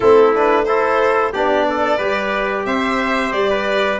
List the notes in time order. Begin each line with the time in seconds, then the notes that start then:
0.00 A3 C4 E4 A4
0.35 D4 B4
0.65 E4 A4 C5
1.32 B3 D4 G4 D5
1.69 A4
1.97 G3 G4 B4
2.65 C4 C5 E5
3.32 G3 D5
3.50 B4